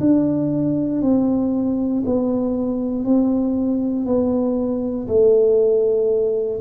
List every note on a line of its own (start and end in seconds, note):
0.00 1.02 D4
1.02 2.03 C4
2.05 3.04 B3
3.04 4.05 C4
4.05 5.07 B3
5.08 6.60 A3